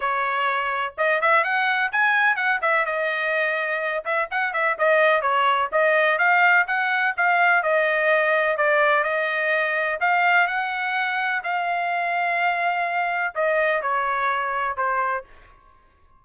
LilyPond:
\new Staff \with { instrumentName = "trumpet" } { \time 4/4 \tempo 4 = 126 cis''2 dis''8 e''8 fis''4 | gis''4 fis''8 e''8 dis''2~ | dis''8 e''8 fis''8 e''8 dis''4 cis''4 | dis''4 f''4 fis''4 f''4 |
dis''2 d''4 dis''4~ | dis''4 f''4 fis''2 | f''1 | dis''4 cis''2 c''4 | }